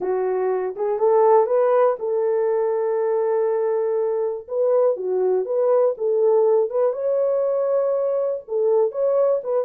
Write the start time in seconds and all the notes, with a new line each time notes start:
0.00 F#4
0.76 G#4
0.98 A4
1.46 B4
1.99 A4
4.48 B4
4.96 F#4
5.45 B4
5.97 A4
6.70 B4
6.93 C#5
8.48 A4
8.91 C#5
9.43 B4